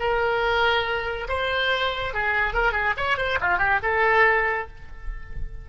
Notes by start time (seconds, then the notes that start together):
0.00 A#4
1.29 C5
2.14 G#4
2.54 A#4
2.73 G#4
2.97 C#5
3.18 C5
3.41 F4
3.58 G4
3.83 A4